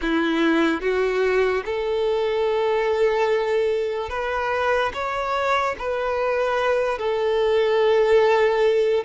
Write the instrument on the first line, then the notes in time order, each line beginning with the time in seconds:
violin
0.01 E4
0.81 F#4
1.65 A4
4.09 B4
4.93 C#5
5.78 B4
6.98 A4